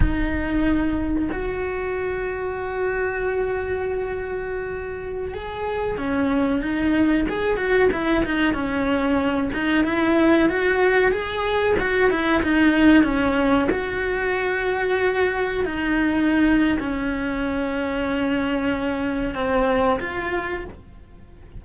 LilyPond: \new Staff \with { instrumentName = "cello" } { \time 4/4 \tempo 4 = 93 dis'2 fis'2~ | fis'1~ | fis'16 gis'4 cis'4 dis'4 gis'8 fis'16~ | fis'16 e'8 dis'8 cis'4. dis'8 e'8.~ |
e'16 fis'4 gis'4 fis'8 e'8 dis'8.~ | dis'16 cis'4 fis'2~ fis'8.~ | fis'16 dis'4.~ dis'16 cis'2~ | cis'2 c'4 f'4 | }